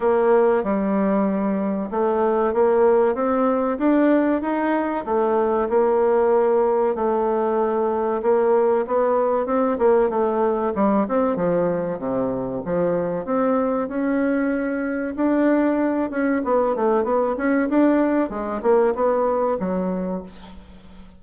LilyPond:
\new Staff \with { instrumentName = "bassoon" } { \time 4/4 \tempo 4 = 95 ais4 g2 a4 | ais4 c'4 d'4 dis'4 | a4 ais2 a4~ | a4 ais4 b4 c'8 ais8 |
a4 g8 c'8 f4 c4 | f4 c'4 cis'2 | d'4. cis'8 b8 a8 b8 cis'8 | d'4 gis8 ais8 b4 fis4 | }